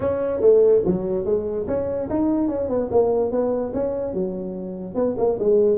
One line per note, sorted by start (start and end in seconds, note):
0.00 0.40 C#4
0.40 0.82 A3
0.85 1.25 F#3
1.25 1.66 G#3
1.67 2.08 C#4
2.09 2.48 D#4
2.48 2.68 C#4
2.68 2.89 B3
2.91 3.31 A#3
3.31 3.72 B3
3.73 4.13 C#4
4.13 4.94 F#3
4.94 5.15 B3
5.17 5.38 A#3
5.39 5.78 G#3